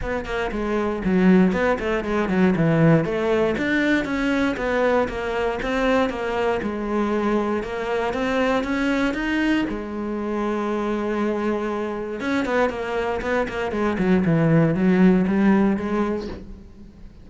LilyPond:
\new Staff \with { instrumentName = "cello" } { \time 4/4 \tempo 4 = 118 b8 ais8 gis4 fis4 b8 a8 | gis8 fis8 e4 a4 d'4 | cis'4 b4 ais4 c'4 | ais4 gis2 ais4 |
c'4 cis'4 dis'4 gis4~ | gis1 | cis'8 b8 ais4 b8 ais8 gis8 fis8 | e4 fis4 g4 gis4 | }